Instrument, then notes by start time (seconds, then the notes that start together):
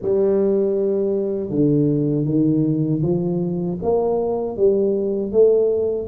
tuba
0.01 G3
1.49 D3
2.25 D#3
3.02 F3
3.82 A#3
4.56 G3
5.32 A3